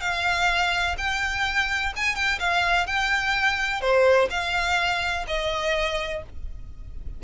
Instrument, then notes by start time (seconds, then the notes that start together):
violin
0.00 F5
0.97 G5
1.96 G#5
2.15 G5
2.39 F5
2.86 G5
3.81 C5
4.30 F5
5.27 D#5